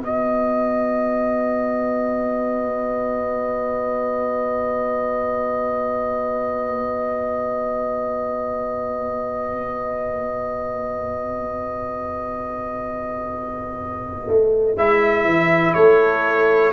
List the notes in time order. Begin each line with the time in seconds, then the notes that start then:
0.00 B3 F#4 B4 D#5
14.28 A3
14.76 G#3 E4 E5
15.25 E3
15.74 A3 A4 C#5